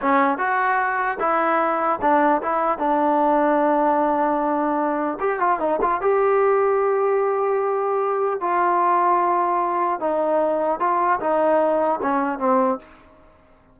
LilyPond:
\new Staff \with { instrumentName = "trombone" } { \time 4/4 \tempo 4 = 150 cis'4 fis'2 e'4~ | e'4 d'4 e'4 d'4~ | d'1~ | d'4 g'8 f'8 dis'8 f'8 g'4~ |
g'1~ | g'4 f'2.~ | f'4 dis'2 f'4 | dis'2 cis'4 c'4 | }